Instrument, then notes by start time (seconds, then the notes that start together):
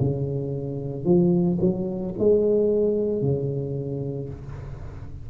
tuba
0.00 C#3
1.05 F3
1.61 F#3
2.19 G#3
3.22 C#3